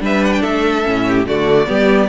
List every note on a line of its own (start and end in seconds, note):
0.00 0.42 G3
0.00 0.83 D4
0.00 0.41 B4
0.00 0.24 E5
0.24 0.32 F#5
0.32 0.42 G5
0.41 0.85 A3
0.41 1.03 A4
0.41 1.25 E5
0.83 1.26 A2
0.83 1.25 C#4
1.07 1.28 G4
1.26 1.68 D3
1.26 1.66 A3
1.26 1.68 F#4
1.26 2.09 D5
1.66 2.09 G3
1.66 2.07 B3
1.66 2.09 G4